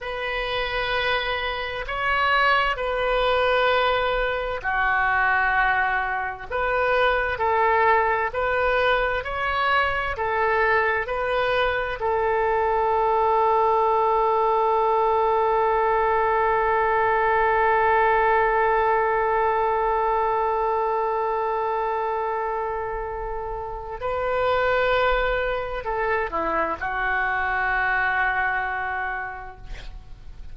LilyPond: \new Staff \with { instrumentName = "oboe" } { \time 4/4 \tempo 4 = 65 b'2 cis''4 b'4~ | b'4 fis'2 b'4 | a'4 b'4 cis''4 a'4 | b'4 a'2.~ |
a'1~ | a'1~ | a'2 b'2 | a'8 e'8 fis'2. | }